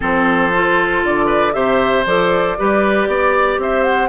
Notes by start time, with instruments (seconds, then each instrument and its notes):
0.00 bassoon F3, clarinet C4, oboe A4, flute C5
0.54 clarinet F4
1.03 bassoon D3, flute D5
1.26 oboe B4
1.52 bassoon C3, clarinet G4, oboe C5, flute E5
2.05 bassoon F3, clarinet A4, flute D5
2.58 bassoon G3, clarinet G4, oboe B4
3.07 bassoon B3, oboe D5
3.58 bassoon C4, oboe C5, flute E5
3.83 flute F#5